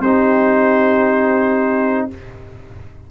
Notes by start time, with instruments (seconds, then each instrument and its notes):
0.00 tuba C4, trombone D#4, horn G4, trumpet C5